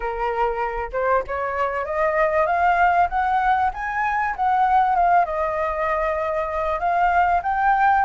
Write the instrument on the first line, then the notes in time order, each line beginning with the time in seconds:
flute
0.00 A#4
0.92 C5
1.27 C#5
1.85 D#5
2.46 F5
3.09 F#5
3.73 G#5
4.36 F#5
4.95 F5
5.25 D#5
6.79 F5
7.43 G5